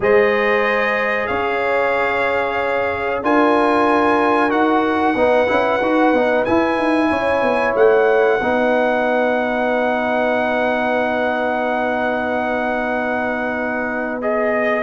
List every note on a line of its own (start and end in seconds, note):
0.00 1.28 G#3
0.00 3.23 G#4
0.00 1.28 C5
0.00 1.26 D#5
1.26 3.22 C#4
1.26 3.22 C#5
1.26 3.20 F5
3.22 4.51 D4
3.22 4.49 F4
3.22 5.17 A#4
3.22 4.50 G#5
4.49 5.14 D#4
4.49 5.14 F#4
4.49 6.44 F#5
5.14 5.47 B3
5.14 5.47 D#4
5.14 7.09 B4
5.47 5.81 C#4
5.47 5.79 E4
5.81 6.13 D#4
5.81 6.15 F#4
6.13 6.45 B3
6.13 6.47 D#4
6.44 8.40 E4
6.44 6.78 E4
6.44 7.74 G#5
6.78 7.10 D#4
7.09 7.42 C#4
7.09 8.36 C#5
7.42 7.74 B3
7.75 8.40 A3
7.75 14.21 F#5
8.36 14.83 B3
8.36 14.21 D#4
8.36 14.81 B4
14.21 14.83 G#4
14.21 14.83 D#5